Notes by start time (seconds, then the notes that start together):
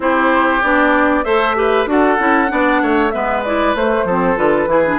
0.00 C4 E4 G4 C5
0.61 B3 D4 D5
1.24 A3 A4 C5 E5
1.55 G4 B4
1.86 D4 F#4 A4 F#5
2.18 C#4 E4
2.48 B3 D4 D5
2.82 A3 C#5
3.10 G#3 B3 B4 E5
3.44 E4 D5
3.74 A3 C5
4.04 F3 C4 A4
4.36 D3 F4 B4
4.66 E3 E4 G#4
4.85 D4